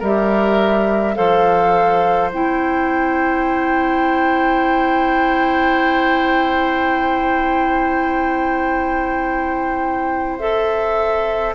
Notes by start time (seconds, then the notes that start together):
0.00 G3 G4 A#4 E5
1.16 F3 A4 C5 F5
2.33 C4 E4 G5
10.39 A4 E5